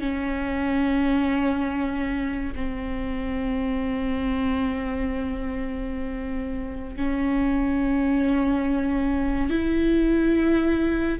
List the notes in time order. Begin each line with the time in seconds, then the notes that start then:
0.00 C#4
2.55 C4
6.97 C#4
9.50 E4